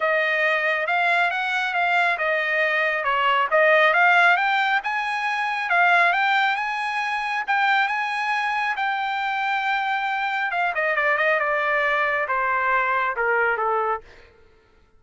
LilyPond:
\new Staff \with { instrumentName = "trumpet" } { \time 4/4 \tempo 4 = 137 dis''2 f''4 fis''4 | f''4 dis''2 cis''4 | dis''4 f''4 g''4 gis''4~ | gis''4 f''4 g''4 gis''4~ |
gis''4 g''4 gis''2 | g''1 | f''8 dis''8 d''8 dis''8 d''2 | c''2 ais'4 a'4 | }